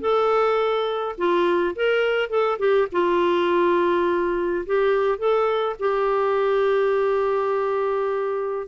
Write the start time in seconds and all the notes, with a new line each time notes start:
0.00 A4
1.17 F4
1.75 A#4
2.29 A4
2.59 G4
2.92 F4
4.66 G4
5.18 A4
5.79 G4